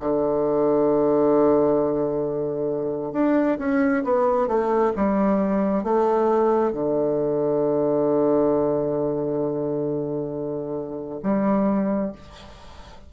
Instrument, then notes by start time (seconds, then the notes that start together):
bassoon
0.00 D3
3.13 D4
3.58 C#4
4.04 B3
4.47 A3
4.96 G3
5.83 A3
6.72 D3
11.23 G3